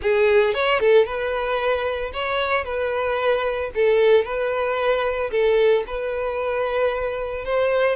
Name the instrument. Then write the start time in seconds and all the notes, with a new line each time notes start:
violin
0.02 G#4
0.54 C#5
0.79 A4
1.05 B4
2.13 C#5
2.64 B4
3.74 A4
4.24 B4
5.30 A4
5.86 B4
7.45 C5